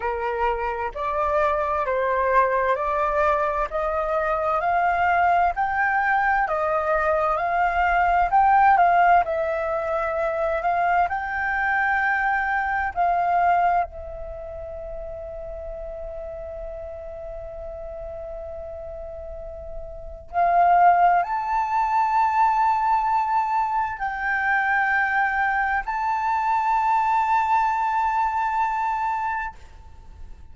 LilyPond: \new Staff \with { instrumentName = "flute" } { \time 4/4 \tempo 4 = 65 ais'4 d''4 c''4 d''4 | dis''4 f''4 g''4 dis''4 | f''4 g''8 f''8 e''4. f''8 | g''2 f''4 e''4~ |
e''1~ | e''2 f''4 a''4~ | a''2 g''2 | a''1 | }